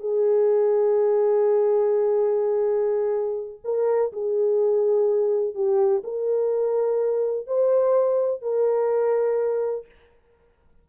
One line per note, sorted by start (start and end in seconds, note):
0.00 3.60 G#4
3.64 4.12 A#4
4.13 5.55 G#4
5.55 6.03 G4
6.04 7.47 A#4
7.47 8.42 C5
8.42 9.86 A#4